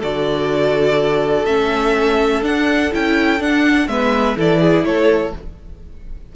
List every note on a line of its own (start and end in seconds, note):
0.00 1.45 D3
0.00 1.47 F#4
0.00 3.87 A4
0.00 1.45 D5
1.45 2.42 A3
1.45 2.42 C#4
1.45 2.42 E5
2.42 2.91 D4
2.42 2.93 F#5
2.92 3.40 C#4
2.92 3.40 E4
2.92 3.42 G5
3.40 3.88 D4
3.40 3.88 F#5
3.88 4.36 G#3
3.88 4.37 B3
3.88 4.37 B4
3.88 4.36 E5
4.37 4.84 E3
4.37 5.33 E4
4.37 4.61 A4
4.37 4.85 D5
4.61 4.85 G#4
4.84 5.33 A3
4.84 5.35 A4
4.84 5.33 C#5